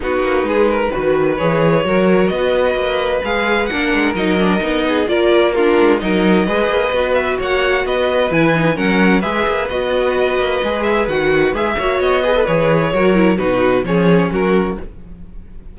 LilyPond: <<
  \new Staff \with { instrumentName = "violin" } { \time 4/4 \tempo 4 = 130 b'2. cis''4~ | cis''4 dis''2 f''4 | fis''4 dis''2 d''4 | ais'4 dis''2~ dis''8 e''8 |
fis''4 dis''4 gis''4 fis''4 | e''4 dis''2~ dis''8 e''8 | fis''4 e''4 dis''4 cis''4~ | cis''4 b'4 cis''4 ais'4 | }
  \new Staff \with { instrumentName = "violin" } { \time 4/4 fis'4 gis'8 ais'8 b'2 | ais'4 b'2. | ais'2~ ais'8 gis'8 ais'4 | f'4 ais'4 b'2 |
cis''4 b'2 ais'4 | b'1~ | b'4. cis''4 b'4. | ais'4 fis'4 gis'4 fis'4 | }
  \new Staff \with { instrumentName = "viola" } { \time 4/4 dis'2 fis'4 gis'4 | fis'2. gis'4 | d'4 dis'8 d'8 dis'4 f'4 | d'4 dis'4 gis'4 fis'4~ |
fis'2 e'8 dis'8 cis'4 | gis'4 fis'2 gis'4 | fis'4 gis'8 fis'4 gis'16 a'16 gis'4 | fis'8 e'8 dis'4 cis'2 | }
  \new Staff \with { instrumentName = "cello" } { \time 4/4 b8 ais8 gis4 dis4 e4 | fis4 b4 ais4 gis4 | ais8 gis8 fis4 b4 ais4~ | ais8 gis8 fis4 gis8 ais8 b4 |
ais4 b4 e4 fis4 | gis8 ais8 b4. ais8 gis4 | dis4 gis8 ais8 b4 e4 | fis4 b,4 f4 fis4 | }
>>